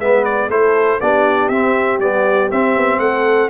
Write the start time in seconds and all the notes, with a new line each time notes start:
0.00 G#3 B3 B4 E5
0.25 D5
0.49 A3 E4 A4 C5
1.01 B3 D4 G4 D5
1.49 C4 E5
1.99 G3 B3 D5
2.52 C4 E5
2.76 B3
2.99 A3 A4 F#5